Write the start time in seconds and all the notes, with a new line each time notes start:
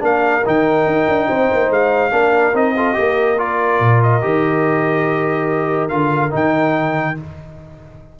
0.00 A#3 D4 A#4 F5
0.46 D#3 D#4 G5
0.87 D#4
1.08 D4
1.28 C4 C5
1.51 A#3
1.70 G#3 F5
2.11 A#3 D4 A#4
2.54 C4 D#4 D#5
2.76 F4 A4
2.94 A#3 G4 A#4
3.38 F4 D5
3.80 A#2
4.03 D#5
4.22 D#3 G4
5.89 D3 F4 F5
6.31 D#3 D#4 G5